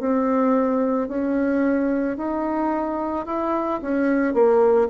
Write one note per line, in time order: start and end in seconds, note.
0.00 1.08 C4
1.08 2.17 C#4
2.17 3.26 D#4
3.26 3.80 E4
3.82 4.34 C#4
4.34 4.88 A#3